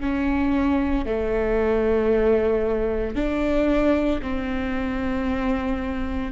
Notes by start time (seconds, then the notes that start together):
0.00 C#4
1.05 A3
3.15 D4
4.22 C4